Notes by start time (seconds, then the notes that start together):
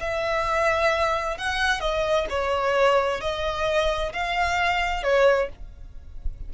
0.00 E5
1.37 F#5
1.80 D#5
2.29 C#5
3.21 D#5
4.12 F5
5.03 C#5